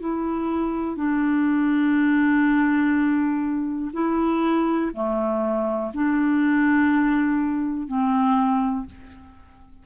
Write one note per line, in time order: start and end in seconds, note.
0.00 0.97 E4
0.97 3.92 D4
3.93 4.92 E4
4.94 5.92 A3
5.94 7.88 D4
7.88 8.86 C4